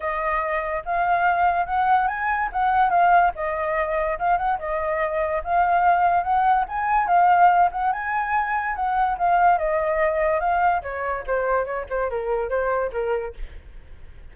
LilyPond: \new Staff \with { instrumentName = "flute" } { \time 4/4 \tempo 4 = 144 dis''2 f''2 | fis''4 gis''4 fis''4 f''4 | dis''2 f''8 fis''8 dis''4~ | dis''4 f''2 fis''4 |
gis''4 f''4. fis''8 gis''4~ | gis''4 fis''4 f''4 dis''4~ | dis''4 f''4 cis''4 c''4 | cis''8 c''8 ais'4 c''4 ais'4 | }